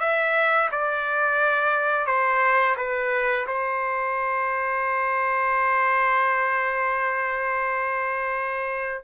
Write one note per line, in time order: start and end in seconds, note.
0.00 0.70 E5
0.72 2.07 D5
2.07 2.77 C5
2.77 3.47 B4
3.48 9.05 C5